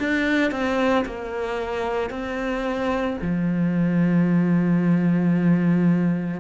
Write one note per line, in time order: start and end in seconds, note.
0.00 0.52 D4
0.52 1.05 C4
1.06 2.10 A#3
2.10 3.18 C4
3.22 6.40 F3